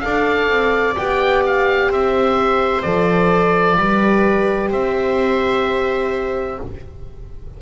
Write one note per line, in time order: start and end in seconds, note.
0.00 0.48 D4
0.00 0.96 A4
0.00 1.89 D5
0.00 0.94 F5
0.48 0.95 C4
0.96 1.89 B3
0.96 2.85 G4
0.96 1.43 G5
1.46 1.92 F5
1.89 2.83 C4
1.89 3.77 C5
1.89 2.82 E5
2.82 3.77 F3
2.82 3.78 A4
2.82 4.70 D5
3.77 4.71 G3
3.77 6.61 G4
3.77 4.69 B4
4.69 6.58 C4
4.69 6.57 C5
4.69 6.60 E5